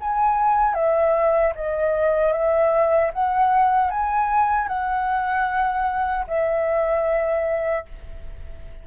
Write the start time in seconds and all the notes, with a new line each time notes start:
0.00 G#5
0.74 E5
1.55 D#5
2.33 E5
3.13 F#5
3.90 G#5
4.68 F#5
6.27 E5